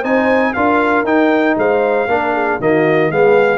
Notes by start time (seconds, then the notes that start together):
0.00 C4 D#4 C5 G#5
0.54 D4 F4 A#4 F5
1.04 D#4 G5
1.57 G#3 C5 F5
2.07 A#3 D4 A#4
2.34 G#4
2.60 D#3 A#3 F#4 D#5
3.10 G#3 B3 G#4 F5